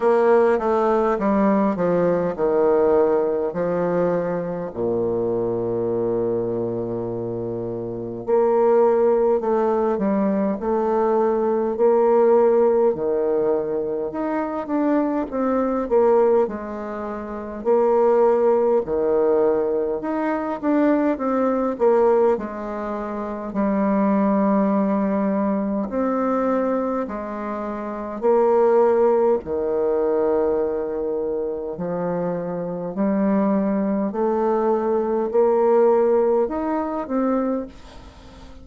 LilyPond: \new Staff \with { instrumentName = "bassoon" } { \time 4/4 \tempo 4 = 51 ais8 a8 g8 f8 dis4 f4 | ais,2. ais4 | a8 g8 a4 ais4 dis4 | dis'8 d'8 c'8 ais8 gis4 ais4 |
dis4 dis'8 d'8 c'8 ais8 gis4 | g2 c'4 gis4 | ais4 dis2 f4 | g4 a4 ais4 dis'8 c'8 | }